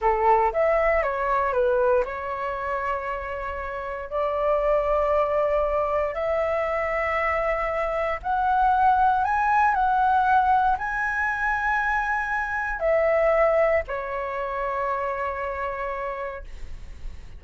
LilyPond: \new Staff \with { instrumentName = "flute" } { \time 4/4 \tempo 4 = 117 a'4 e''4 cis''4 b'4 | cis''1 | d''1 | e''1 |
fis''2 gis''4 fis''4~ | fis''4 gis''2.~ | gis''4 e''2 cis''4~ | cis''1 | }